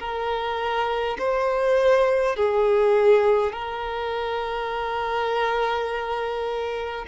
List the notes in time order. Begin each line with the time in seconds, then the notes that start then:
0.00 A#4
1.19 C5
2.36 G#4
3.53 A#4